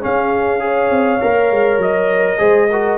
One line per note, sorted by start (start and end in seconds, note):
0.00 0.59 C#4
0.00 0.90 C#4
0.00 0.64 G#4
0.00 1.81 F5
0.59 1.18 G#4
0.59 2.39 C#5
0.90 1.20 C4
1.21 1.51 A#3
1.21 2.37 A#4
1.51 1.77 G#3
1.77 2.37 F#3
1.77 2.97 D#5
2.37 2.97 G#3
2.37 2.67 G#4
2.37 2.68 C5
2.70 2.97 F#4
2.70 2.97 A#4